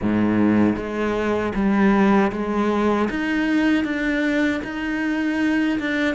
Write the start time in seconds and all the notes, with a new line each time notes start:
0.02 G#2
0.76 G#3
1.54 G3
2.31 G#3
3.10 D#4
3.84 D4
4.64 D#4
5.79 D4